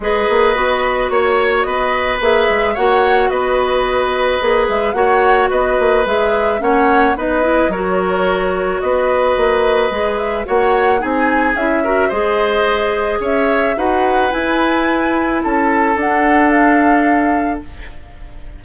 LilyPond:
<<
  \new Staff \with { instrumentName = "flute" } { \time 4/4 \tempo 4 = 109 dis''2 cis''4 dis''4 | e''4 fis''4 dis''2~ | dis''8 e''8 fis''4 dis''4 e''4 | fis''4 dis''4 cis''2 |
dis''2~ dis''8 e''8 fis''4 | gis''4 e''4 dis''2 | e''4 fis''4 gis''2 | a''4 fis''4 f''2 | }
  \new Staff \with { instrumentName = "oboe" } { \time 4/4 b'2 cis''4 b'4~ | b'4 cis''4 b'2~ | b'4 cis''4 b'2 | cis''4 b'4 ais'2 |
b'2. cis''4 | gis'4. ais'8 c''2 | cis''4 b'2. | a'1 | }
  \new Staff \with { instrumentName = "clarinet" } { \time 4/4 gis'4 fis'2. | gis'4 fis'2. | gis'4 fis'2 gis'4 | cis'4 dis'8 e'8 fis'2~ |
fis'2 gis'4 fis'4 | dis'4 e'8 fis'8 gis'2~ | gis'4 fis'4 e'2~ | e'4 d'2. | }
  \new Staff \with { instrumentName = "bassoon" } { \time 4/4 gis8 ais8 b4 ais4 b4 | ais8 gis8 ais4 b2 | ais8 gis8 ais4 b8 ais8 gis4 | ais4 b4 fis2 |
b4 ais4 gis4 ais4 | c'4 cis'4 gis2 | cis'4 dis'4 e'2 | cis'4 d'2. | }
>>